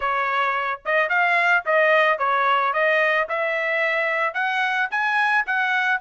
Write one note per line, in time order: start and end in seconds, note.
0.00 0.80 C#5
0.85 1.09 D#5
1.09 1.63 F5
1.65 2.18 D#5
2.18 2.73 C#5
2.73 3.27 D#5
3.29 4.34 E5
4.34 4.88 F#5
4.90 5.45 G#5
5.46 6.00 F#5